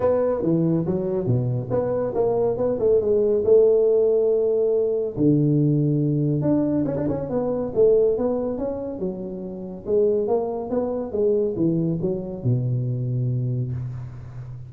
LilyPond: \new Staff \with { instrumentName = "tuba" } { \time 4/4 \tempo 4 = 140 b4 e4 fis4 b,4 | b4 ais4 b8 a8 gis4 | a1 | d2. d'4 |
cis'16 d'16 cis'8 b4 a4 b4 | cis'4 fis2 gis4 | ais4 b4 gis4 e4 | fis4 b,2. | }